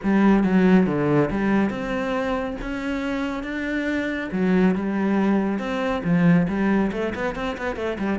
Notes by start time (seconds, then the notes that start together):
0.03 G3
0.43 F#3
0.86 D3
1.30 G3
1.70 C4
2.61 C#4
3.43 D4
4.32 F#3
4.75 G3
5.58 C4
6.04 F3
6.47 G3
6.92 A3
7.14 B3
7.35 C4
7.57 B3
7.76 A3
7.98 G3